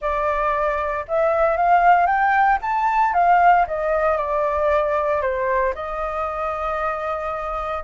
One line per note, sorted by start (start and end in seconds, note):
0.01 1.05 D5
1.08 1.56 E5
1.56 2.06 F5
2.06 2.58 G5
2.61 3.13 A5
3.13 3.65 F5
3.67 4.17 D#5
4.17 5.21 D5
5.21 5.73 C5
5.74 7.83 D#5